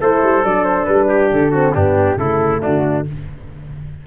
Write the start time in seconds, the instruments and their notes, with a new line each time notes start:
0.00 tuba A3, horn E4, trumpet A4, flute C5
0.23 tuba G3
0.43 tuba F#3, horn D4, flute D5
0.64 flute C5
0.85 tuba G3, flute B4
1.08 trumpet G4
1.32 tuba D3, flute A4
1.51 horn C4, trumpet F#4
1.74 tuba G2, horn B3, trumpet D4, flute G4
2.17 tuba C#3, horn A3, trumpet E4, flute A4
2.61 tuba D3, trumpet D4, flute F#4